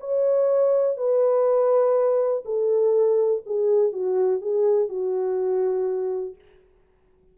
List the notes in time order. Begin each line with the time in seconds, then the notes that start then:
0.00 C#5
0.98 B4
2.45 A4
3.46 G#4
3.92 F#4
4.41 G#4
4.89 F#4